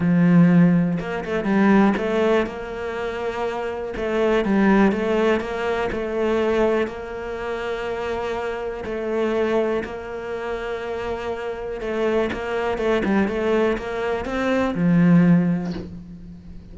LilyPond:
\new Staff \with { instrumentName = "cello" } { \time 4/4 \tempo 4 = 122 f2 ais8 a8 g4 | a4 ais2. | a4 g4 a4 ais4 | a2 ais2~ |
ais2 a2 | ais1 | a4 ais4 a8 g8 a4 | ais4 c'4 f2 | }